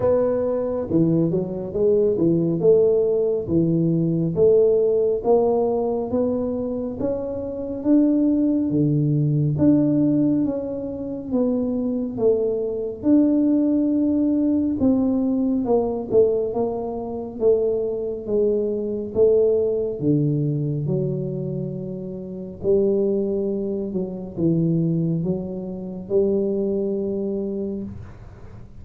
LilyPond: \new Staff \with { instrumentName = "tuba" } { \time 4/4 \tempo 4 = 69 b4 e8 fis8 gis8 e8 a4 | e4 a4 ais4 b4 | cis'4 d'4 d4 d'4 | cis'4 b4 a4 d'4~ |
d'4 c'4 ais8 a8 ais4 | a4 gis4 a4 d4 | fis2 g4. fis8 | e4 fis4 g2 | }